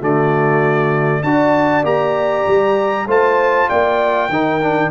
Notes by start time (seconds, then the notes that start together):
0.00 D3 A3 F#4 D5
1.23 D4 F#4 D5 A5
1.84 A#3 G4 A#5
2.48 G3
3.07 A3 F4 C5 A5
3.69 A#3 D5 G5
4.29 D#3 D#4 A#4
4.61 D4